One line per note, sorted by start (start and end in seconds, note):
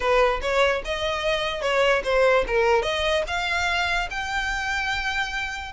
0.00 0.40 B4
0.41 0.82 C#5
0.84 1.61 D#5
1.61 2.02 C#5
2.04 2.44 C5
2.47 2.82 A#4
2.82 3.23 D#5
3.27 4.08 F5
4.10 5.72 G5